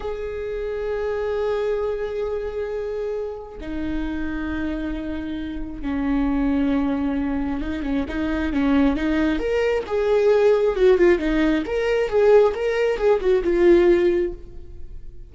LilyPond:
\new Staff \with { instrumentName = "viola" } { \time 4/4 \tempo 4 = 134 gis'1~ | gis'1 | dis'1~ | dis'4 cis'2.~ |
cis'4 dis'8 cis'8 dis'4 cis'4 | dis'4 ais'4 gis'2 | fis'8 f'8 dis'4 ais'4 gis'4 | ais'4 gis'8 fis'8 f'2 | }